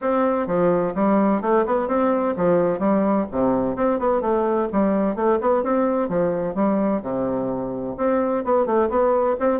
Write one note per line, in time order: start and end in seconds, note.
0.01 0.46 C4
0.46 0.93 F3
0.94 1.41 G3
1.41 1.65 A3
1.65 1.88 B3
1.88 2.35 C4
2.36 2.79 F3
2.79 3.26 G3
3.31 3.75 C3
3.75 3.99 C4
3.99 4.21 B3
4.21 4.67 A3
4.72 5.15 G3
5.15 5.38 A3
5.41 5.63 B3
5.63 6.08 C4
6.08 6.55 F3
6.55 7.01 G3
7.02 7.95 C3
7.97 8.44 C4
8.44 8.65 B3
8.65 8.89 A3
8.89 9.36 B3
9.39 9.60 C4